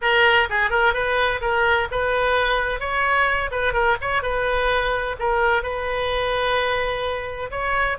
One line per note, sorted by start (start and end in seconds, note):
0.01 0.48 A#4
0.49 0.70 G#4
0.70 0.93 A#4
0.93 1.40 B4
1.41 1.87 A#4
1.91 2.80 B4
2.80 3.50 C#5
3.51 3.73 B4
3.73 3.96 A#4
4.01 4.22 C#5
4.22 5.16 B4
5.19 5.62 A#4
5.62 7.50 B4
7.50 7.97 C#5